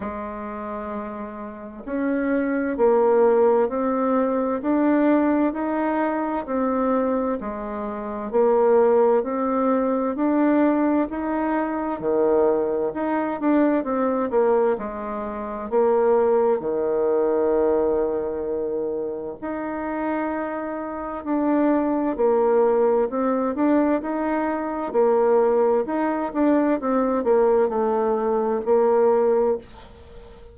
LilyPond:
\new Staff \with { instrumentName = "bassoon" } { \time 4/4 \tempo 4 = 65 gis2 cis'4 ais4 | c'4 d'4 dis'4 c'4 | gis4 ais4 c'4 d'4 | dis'4 dis4 dis'8 d'8 c'8 ais8 |
gis4 ais4 dis2~ | dis4 dis'2 d'4 | ais4 c'8 d'8 dis'4 ais4 | dis'8 d'8 c'8 ais8 a4 ais4 | }